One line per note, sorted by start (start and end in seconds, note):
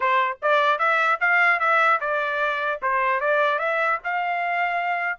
0.00 0.37 C5
0.42 0.78 D5
0.78 1.18 E5
1.20 1.59 F5
1.59 1.99 E5
2.00 2.80 D5
2.82 3.20 C5
3.20 3.59 D5
3.59 3.99 E5
4.04 5.18 F5